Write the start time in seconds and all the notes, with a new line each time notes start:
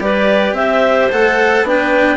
0.00 G3 G4 B4 D5
0.53 C4 C5 E5
1.11 A3 A4 F#5
1.63 B3 D4 B4 G5